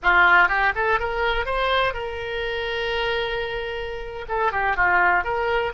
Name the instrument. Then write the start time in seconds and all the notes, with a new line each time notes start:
oboe
0.02 F4
0.48 G4
0.75 A4
0.99 A#4
1.45 C5
1.93 A#4
4.28 A4
4.52 G4
4.76 F4
5.24 A#4